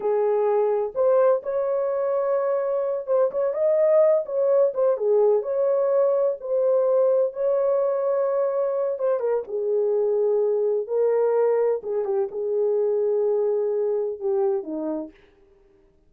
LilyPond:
\new Staff \with { instrumentName = "horn" } { \time 4/4 \tempo 4 = 127 gis'2 c''4 cis''4~ | cis''2~ cis''8 c''8 cis''8 dis''8~ | dis''4 cis''4 c''8 gis'4 cis''8~ | cis''4. c''2 cis''8~ |
cis''2. c''8 ais'8 | gis'2. ais'4~ | ais'4 gis'8 g'8 gis'2~ | gis'2 g'4 dis'4 | }